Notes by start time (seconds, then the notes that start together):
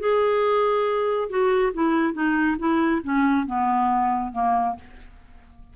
0.00 G#4
1.30 F#4
1.74 E4
2.14 D#4
2.59 E4
3.04 C#4
3.47 B3
4.33 A#3